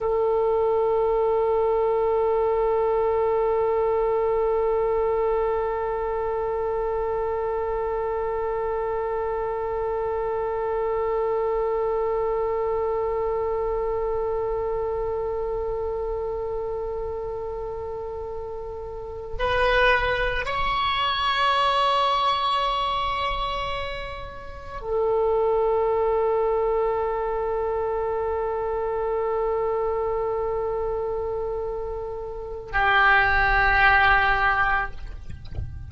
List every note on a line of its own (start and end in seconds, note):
0.00 19.36 A4
19.38 20.45 B4
20.45 24.81 C#5
24.81 32.72 A4
32.72 34.90 G4